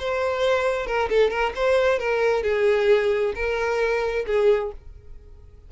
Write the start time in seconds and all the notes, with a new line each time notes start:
0.00 C5
0.87 A#4
1.10 A4
1.31 A#4
1.56 C5
2.00 A#4
2.44 G#4
3.35 A#4
4.27 G#4